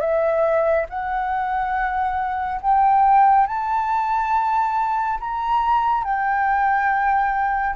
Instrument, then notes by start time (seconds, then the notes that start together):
flute
0.00 E5
0.89 F#5
2.61 G5
3.47 A5
5.20 A#5
6.04 G5